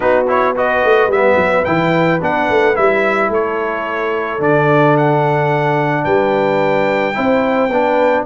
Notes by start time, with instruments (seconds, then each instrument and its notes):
0.00 tuba B3, trombone D#4, horn F#4, trumpet B4
0.27 trombone E4, trumpet C#5
0.55 trombone F#4, horn B4, trumpet D#5
0.84 tuba A3
1.07 tuba G3, trombone B3, trumpet E5
1.35 tuba F#3
1.65 tuba E3, trombone E4, trumpet G5
2.21 tuba B3, trombone D4, trumpet F#5
2.49 tuba A3
2.75 tuba G3, trombone E4, trumpet E5
3.29 tuba A3, horn A4, trumpet C#5
4.39 tuba D3, trombone D4, trumpet D5
4.97 trumpet F#5
6.04 tuba G3, horn B4, trumpet G5
7.14 tuba C4, trombone E4, horn C5
7.68 tuba B3, trombone D4, horn B4